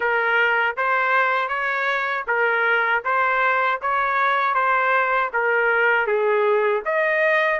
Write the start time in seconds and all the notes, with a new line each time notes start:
0.00 A#4
0.76 C5
1.48 C#5
2.27 A#4
3.04 C5
3.81 C#5
4.54 C5
5.33 A#4
6.06 G#4
6.85 D#5